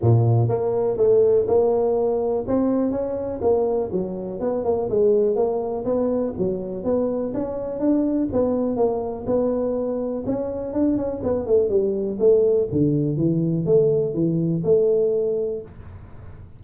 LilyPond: \new Staff \with { instrumentName = "tuba" } { \time 4/4 \tempo 4 = 123 ais,4 ais4 a4 ais4~ | ais4 c'4 cis'4 ais4 | fis4 b8 ais8 gis4 ais4 | b4 fis4 b4 cis'4 |
d'4 b4 ais4 b4~ | b4 cis'4 d'8 cis'8 b8 a8 | g4 a4 d4 e4 | a4 e4 a2 | }